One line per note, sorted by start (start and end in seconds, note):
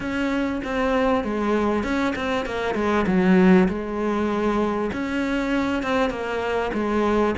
0.00 0.61 C#4
0.63 1.24 C4
1.24 1.83 G#3
1.83 2.14 C#4
2.15 2.45 C4
2.45 2.74 A#3
2.74 3.05 G#3
3.06 3.68 F#3
3.68 4.90 G#3
4.92 5.82 C#4
5.82 6.10 C4
6.10 6.71 A#3
6.73 7.34 G#3